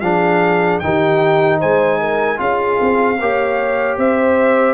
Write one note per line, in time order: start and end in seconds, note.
0.00 0.79 F3
0.00 0.82 D4
0.00 0.82 G#4
0.00 0.79 F5
0.79 1.62 D#3
0.79 2.37 D#4
0.79 1.59 G4
0.79 1.58 G5
1.59 2.39 G#3
1.59 1.99 C5
1.59 2.39 G#5
1.99 2.39 A#4
2.37 2.79 C#4
2.37 3.16 F4
2.37 3.19 G#4
2.37 3.98 F5
2.80 3.20 C4
3.20 3.97 A#3
3.20 4.74 G4
3.20 3.98 C#5
3.97 4.74 C4
3.97 4.74 C5
3.97 4.74 E5